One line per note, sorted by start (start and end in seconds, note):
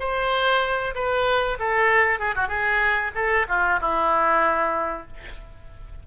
0.00 0.95 C5
0.95 1.58 B4
1.60 2.19 A4
2.19 2.35 G#4
2.35 2.49 F#4
2.49 3.11 G#4
3.15 3.47 A4
3.49 3.80 F4
3.81 5.08 E4